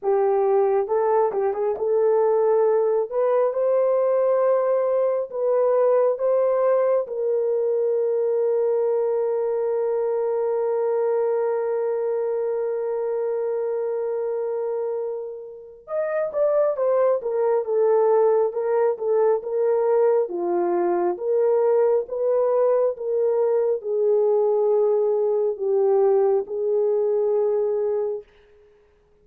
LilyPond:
\new Staff \with { instrumentName = "horn" } { \time 4/4 \tempo 4 = 68 g'4 a'8 g'16 gis'16 a'4. b'8 | c''2 b'4 c''4 | ais'1~ | ais'1~ |
ais'2 dis''8 d''8 c''8 ais'8 | a'4 ais'8 a'8 ais'4 f'4 | ais'4 b'4 ais'4 gis'4~ | gis'4 g'4 gis'2 | }